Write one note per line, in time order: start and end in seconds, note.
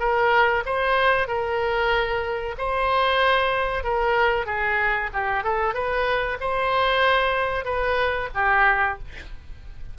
0.00 0.64 A#4
0.66 1.28 C5
1.28 2.55 A#4
2.58 3.84 C5
3.84 4.46 A#4
4.46 5.10 G#4
5.13 5.44 G4
5.44 5.74 A4
5.74 6.38 B4
6.41 7.65 C5
7.65 8.29 B4
8.35 8.99 G4